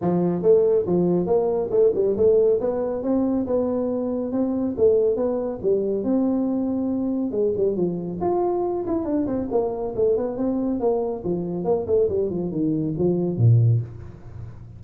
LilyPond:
\new Staff \with { instrumentName = "tuba" } { \time 4/4 \tempo 4 = 139 f4 a4 f4 ais4 | a8 g8 a4 b4 c'4 | b2 c'4 a4 | b4 g4 c'2~ |
c'4 gis8 g8 f4 f'4~ | f'8 e'8 d'8 c'8 ais4 a8 b8 | c'4 ais4 f4 ais8 a8 | g8 f8 dis4 f4 ais,4 | }